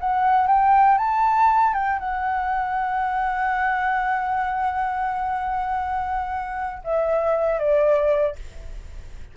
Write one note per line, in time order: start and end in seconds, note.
0.00 0.47 F#5
0.47 0.98 G5
0.98 1.74 A5
1.74 1.99 G5
1.99 6.82 F#5
6.84 7.59 E5
7.59 8.36 D5